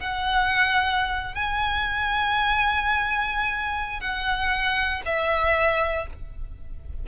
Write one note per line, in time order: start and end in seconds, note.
0.00 1.35 F#5
1.35 4.01 G#5
4.01 5.02 F#5
5.06 6.07 E5